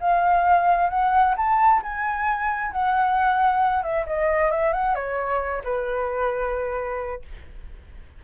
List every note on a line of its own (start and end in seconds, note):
0.00 0.89 F5
0.89 1.35 F#5
1.37 1.82 A5
1.82 2.71 G#5
2.71 3.83 F#5
3.83 4.05 E5
4.06 4.51 D#5
4.51 4.73 E5
4.73 4.95 F#5
4.95 5.62 C#5
5.64 7.22 B4